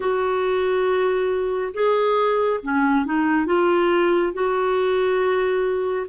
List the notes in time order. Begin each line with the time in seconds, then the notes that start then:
0.00 F#4
1.73 G#4
2.62 C#4
3.05 D#4
3.46 F4
4.33 F#4